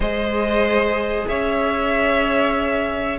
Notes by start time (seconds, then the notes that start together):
0.00 G#3 G#4 C5 D#5
1.28 C#4 C#5 E5